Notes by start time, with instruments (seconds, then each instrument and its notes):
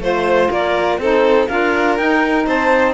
0.00 cello A3, saxophone F4, clarinet C5, violin C5
0.50 cello A#3, violin A#4, clarinet D5
0.98 cello C4, saxophone D#4, violin A4, clarinet C5
1.48 cello D4, saxophone F4, violin A#4, clarinet F5
1.97 cello D#4, saxophone D#4, clarinet G5
2.46 cello C4, violin C5, clarinet A5